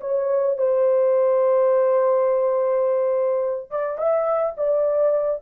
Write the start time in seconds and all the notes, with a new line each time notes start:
0.00 C#5
0.57 C5
3.70 D5
3.98 E5
4.57 D5